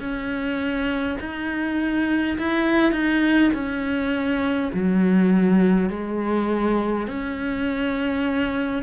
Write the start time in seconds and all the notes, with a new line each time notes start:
0.00 C#4
1.20 D#4
2.38 E4
2.93 D#4
3.53 C#4
4.74 F#3
5.90 G#3
7.07 C#4